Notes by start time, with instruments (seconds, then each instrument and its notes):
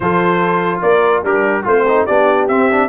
0.00 tuba F3, trombone F4, horn A4, trumpet C5
0.81 tuba A#3, horn A#4, trumpet D5
1.23 tuba G3, horn D4, trombone G4, trumpet A#4
1.63 tuba A3, horn C4, trombone F4, trumpet C5
1.87 trombone D#4
2.05 tuba B3, trombone D4, horn G4, trumpet D5
2.47 tuba C4, trombone C4, trumpet E5
2.71 trombone D4